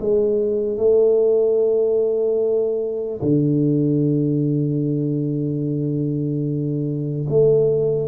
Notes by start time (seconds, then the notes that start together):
0.00 G#3
0.78 A3
3.22 D3
7.29 A3